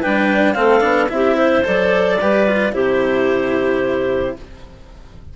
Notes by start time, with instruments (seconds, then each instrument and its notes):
0.00 bassoon G3, cello D4, clarinet B4 G5
0.53 bassoon A3, cello C4, clarinet A4 F5
0.80 bassoon B3, cello D4
1.09 bassoon C4, cello E4, clarinet E5
1.15 clarinet G4
1.35 clarinet C5
1.64 bassoon F#3, cello A4, clarinet D5
2.21 bassoon G3, cello G4, clarinet B4
2.47 cello F4
2.73 bassoon C3, cello E4, clarinet G4 C5